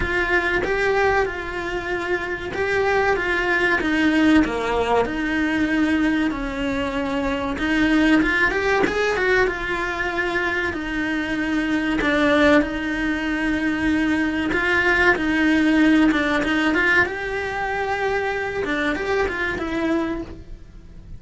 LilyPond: \new Staff \with { instrumentName = "cello" } { \time 4/4 \tempo 4 = 95 f'4 g'4 f'2 | g'4 f'4 dis'4 ais4 | dis'2 cis'2 | dis'4 f'8 g'8 gis'8 fis'8 f'4~ |
f'4 dis'2 d'4 | dis'2. f'4 | dis'4. d'8 dis'8 f'8 g'4~ | g'4. d'8 g'8 f'8 e'4 | }